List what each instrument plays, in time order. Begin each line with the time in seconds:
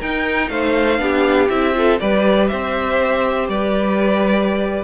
0.00 cello D#4, viola D#4, violin A#4 G5
0.49 cello A3, violin C5 F5
0.98 cello B3, viola D4, violin G4
1.49 cello C4, viola E4, violin E5
1.74 viola F4, violin A4
2.00 cello G3, viola G4, violin B4 D5
2.48 cello C4, violin C5 E5
3.48 cello G3, violin B4 D5